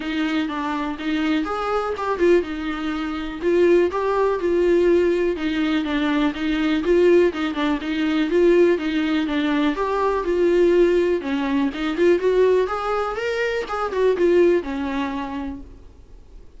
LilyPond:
\new Staff \with { instrumentName = "viola" } { \time 4/4 \tempo 4 = 123 dis'4 d'4 dis'4 gis'4 | g'8 f'8 dis'2 f'4 | g'4 f'2 dis'4 | d'4 dis'4 f'4 dis'8 d'8 |
dis'4 f'4 dis'4 d'4 | g'4 f'2 cis'4 | dis'8 f'8 fis'4 gis'4 ais'4 | gis'8 fis'8 f'4 cis'2 | }